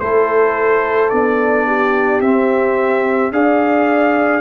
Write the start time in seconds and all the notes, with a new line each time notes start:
0.00 A3 E4 A4 C5
1.09 B3 D4 D5
1.66 G4
2.20 C4 E5
3.31 D4 G#4 D5 F5